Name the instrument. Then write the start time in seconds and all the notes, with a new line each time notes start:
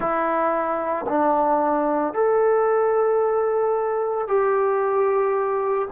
trombone
0.00 E4
1.08 D4
2.13 A4
4.27 G4